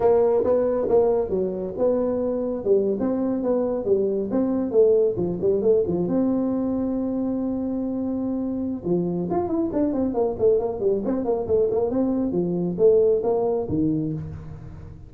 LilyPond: \new Staff \with { instrumentName = "tuba" } { \time 4/4 \tempo 4 = 136 ais4 b4 ais4 fis4 | b2 g8. c'4 b16~ | b8. g4 c'4 a4 f16~ | f16 g8 a8 f8 c'2~ c'16~ |
c'1 | f4 f'8 e'8 d'8 c'8 ais8 a8 | ais8 g8 c'8 ais8 a8 ais8 c'4 | f4 a4 ais4 dis4 | }